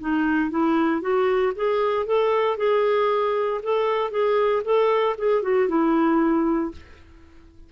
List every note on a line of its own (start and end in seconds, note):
0.00 0.50 D#4
0.50 1.01 E4
1.01 1.53 F#4
1.56 2.06 G#4
2.06 2.57 A4
2.57 3.61 G#4
3.63 4.11 A4
4.11 4.62 G#4
4.65 5.16 A4
5.18 5.43 G#4
5.43 5.68 F#4
5.68 6.72 E4